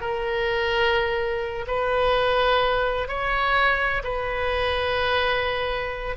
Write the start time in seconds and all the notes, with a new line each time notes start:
0.00 A#4
1.67 B4
3.08 C#5
4.03 B4